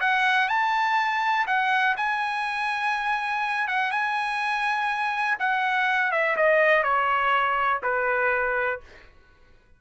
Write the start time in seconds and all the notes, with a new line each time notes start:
0.00 F#5
0.48 A5
1.46 F#5
1.96 G#5
3.67 F#5
3.91 G#5
5.39 F#5
6.11 E5
6.36 D#5
6.83 C#5
7.82 B4